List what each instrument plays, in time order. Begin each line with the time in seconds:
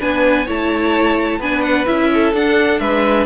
0.00 cello B3, viola D4, violin B4 G#5
0.46 cello A3, viola E4, violin C#5 A5
1.39 cello B3, viola D4, violin B4 G#5
1.62 violin F#5
1.87 cello C#4, viola E4, violin E5
2.14 violin A4
2.33 cello D4, viola D4, violin F#5
2.80 cello G#3, violin B4 E5